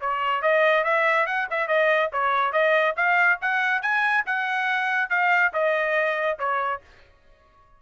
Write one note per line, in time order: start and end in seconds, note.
0.00 0.42 C#5
0.42 0.84 D#5
0.84 1.26 E5
1.26 1.47 F#5
1.50 1.67 E5
1.67 2.10 D#5
2.12 2.52 C#5
2.52 2.95 D#5
2.96 3.39 F5
3.41 3.81 F#5
3.81 4.24 G#5
4.26 5.09 F#5
5.09 5.52 F5
5.53 6.38 D#5
6.38 6.81 C#5